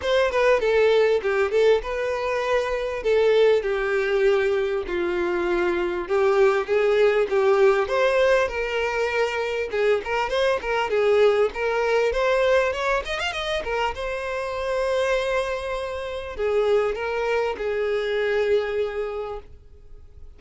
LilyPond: \new Staff \with { instrumentName = "violin" } { \time 4/4 \tempo 4 = 99 c''8 b'8 a'4 g'8 a'8 b'4~ | b'4 a'4 g'2 | f'2 g'4 gis'4 | g'4 c''4 ais'2 |
gis'8 ais'8 c''8 ais'8 gis'4 ais'4 | c''4 cis''8 dis''16 f''16 dis''8 ais'8 c''4~ | c''2. gis'4 | ais'4 gis'2. | }